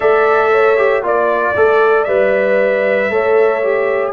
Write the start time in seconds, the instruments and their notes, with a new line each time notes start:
0.00 tuba A3, trombone A4, horn D5, trumpet E5
0.51 horn C#5
0.77 trombone G4
1.03 tuba A#3, trombone F4, horn D5, trumpet D5
1.55 tuba A3, trombone A4
2.04 tuba G3, trombone B4, trumpet E5
3.09 tuba A3, trombone A4, horn C#5
3.62 trombone G4